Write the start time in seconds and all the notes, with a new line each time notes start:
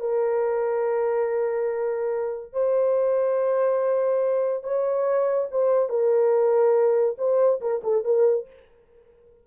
0.00 A#4
2.53 C5
4.63 C#5
5.51 C5
5.89 A#4
7.18 C5
7.60 A#4
7.83 A4
8.04 A#4